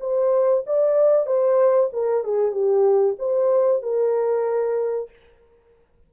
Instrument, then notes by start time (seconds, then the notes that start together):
horn
0.00 C5
0.66 D5
1.26 C5
1.93 A#4
2.24 G#4
2.52 G4
3.19 C5
3.82 A#4